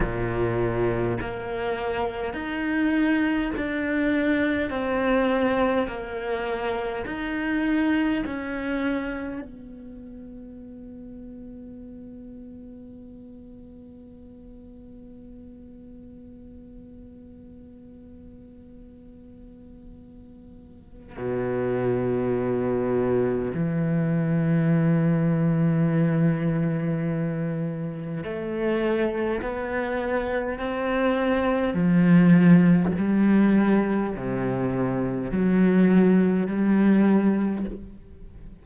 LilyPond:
\new Staff \with { instrumentName = "cello" } { \time 4/4 \tempo 4 = 51 ais,4 ais4 dis'4 d'4 | c'4 ais4 dis'4 cis'4 | b1~ | b1~ |
b2 b,2 | e1 | a4 b4 c'4 f4 | g4 c4 fis4 g4 | }